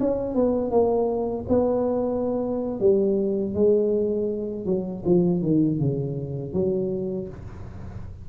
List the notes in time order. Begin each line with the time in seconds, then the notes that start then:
0.00 C#4
0.34 B3
0.71 A#3
1.49 B3
2.80 G3
3.54 G#3
4.65 F#3
5.05 F3
5.42 D#3
5.79 C#3
6.53 F#3